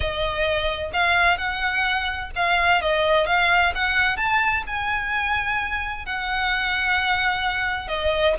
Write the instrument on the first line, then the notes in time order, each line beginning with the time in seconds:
violin
0.00 D#5
0.93 F5
1.37 F#5
2.35 F5
2.81 D#5
3.26 F5
3.74 F#5
4.16 A5
4.66 G#5
6.05 F#5
7.88 D#5